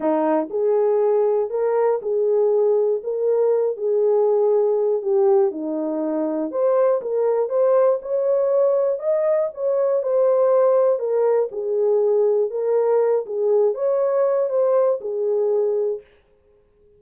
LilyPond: \new Staff \with { instrumentName = "horn" } { \time 4/4 \tempo 4 = 120 dis'4 gis'2 ais'4 | gis'2 ais'4. gis'8~ | gis'2 g'4 dis'4~ | dis'4 c''4 ais'4 c''4 |
cis''2 dis''4 cis''4 | c''2 ais'4 gis'4~ | gis'4 ais'4. gis'4 cis''8~ | cis''4 c''4 gis'2 | }